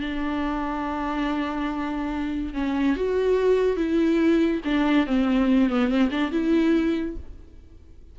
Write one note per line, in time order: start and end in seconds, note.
0.00 2.54 D4
2.54 2.96 C#4
2.96 3.76 F#4
3.76 4.61 E4
4.64 5.06 D4
5.06 5.70 C4
5.70 5.88 B3
5.88 6.09 C4
6.11 6.31 D4
6.31 7.16 E4